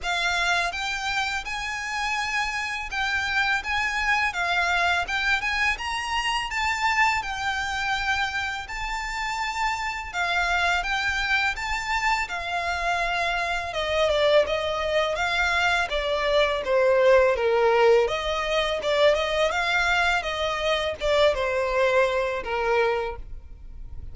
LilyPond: \new Staff \with { instrumentName = "violin" } { \time 4/4 \tempo 4 = 83 f''4 g''4 gis''2 | g''4 gis''4 f''4 g''8 gis''8 | ais''4 a''4 g''2 | a''2 f''4 g''4 |
a''4 f''2 dis''8 d''8 | dis''4 f''4 d''4 c''4 | ais'4 dis''4 d''8 dis''8 f''4 | dis''4 d''8 c''4. ais'4 | }